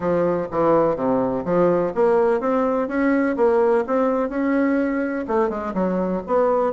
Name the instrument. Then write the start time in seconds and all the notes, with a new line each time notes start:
bassoon
0.00 F3
0.51 E3
0.95 C3
1.44 F3
1.94 A#3
2.40 C4
2.88 C#4
3.36 A#3
3.87 C4
4.29 C#4
5.27 A3
5.49 G#3
5.74 F#3
6.26 B3